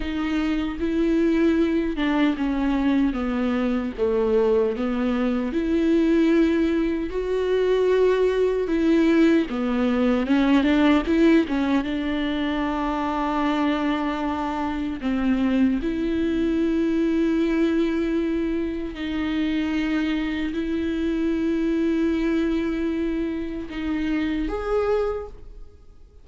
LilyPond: \new Staff \with { instrumentName = "viola" } { \time 4/4 \tempo 4 = 76 dis'4 e'4. d'8 cis'4 | b4 a4 b4 e'4~ | e'4 fis'2 e'4 | b4 cis'8 d'8 e'8 cis'8 d'4~ |
d'2. c'4 | e'1 | dis'2 e'2~ | e'2 dis'4 gis'4 | }